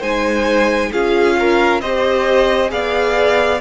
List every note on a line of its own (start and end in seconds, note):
0.00 0.91 G#3
0.00 0.92 D#4
0.00 0.90 C5
0.00 0.92 G#5
0.92 1.82 C#4
0.92 1.83 F4
0.92 1.37 G#4
0.92 1.81 F5
1.39 1.82 A#4
1.81 2.71 C4
1.81 2.68 G4
1.81 2.72 C5
1.81 2.71 D#5
2.68 3.61 B3
2.68 3.58 G#4
2.68 3.61 D5
2.68 3.61 F5